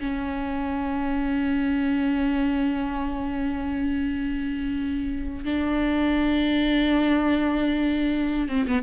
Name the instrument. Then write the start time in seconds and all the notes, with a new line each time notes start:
viola
0.00 C#4
5.45 D4
8.49 C4
8.67 B3